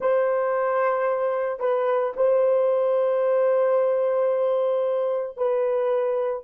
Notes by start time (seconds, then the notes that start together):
0.00 C5
1.59 B4
2.16 C5
5.37 B4